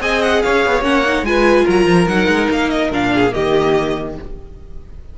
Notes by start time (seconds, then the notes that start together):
0.00 C4 G#4 D#5 G#5
0.22 F#5
0.42 C#4 C#5 F5
0.66 B3
0.81 A#3 C#4 F#5
1.05 D#4
1.22 G#3 F4 B4 G#5
1.65 F#3 A#4 A#5
1.86 F3
2.07 F#3 D#4 F#5
2.28 G#3
2.50 A#3 F5
2.70 D#5
2.91 A#2 D4 F5
3.14 G#4
3.31 D#3 A#3 G4 D#5